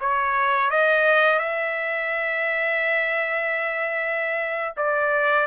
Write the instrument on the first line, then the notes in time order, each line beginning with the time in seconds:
trumpet
0.00 C#5
0.70 D#5
1.39 E5
4.76 D5